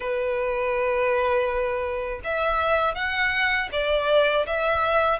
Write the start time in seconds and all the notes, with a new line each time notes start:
0.00 B4
2.24 E5
2.95 F#5
3.72 D5
4.46 E5